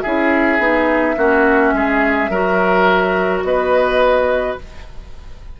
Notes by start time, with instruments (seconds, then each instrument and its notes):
0.00 bassoon C#4, clarinet E4, oboe G#4, flute E5
0.59 bassoon B3, clarinet D#4
1.17 bassoon A#3, clarinet C#4, oboe F#4
1.73 bassoon G#3, oboe G#4
2.29 bassoon F#3, clarinet F#4, oboe A#4
3.43 bassoon B3, oboe B4, flute D#5